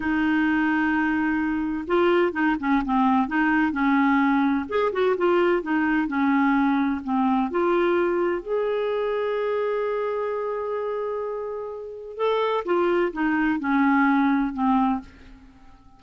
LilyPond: \new Staff \with { instrumentName = "clarinet" } { \time 4/4 \tempo 4 = 128 dis'1 | f'4 dis'8 cis'8 c'4 dis'4 | cis'2 gis'8 fis'8 f'4 | dis'4 cis'2 c'4 |
f'2 gis'2~ | gis'1~ | gis'2 a'4 f'4 | dis'4 cis'2 c'4 | }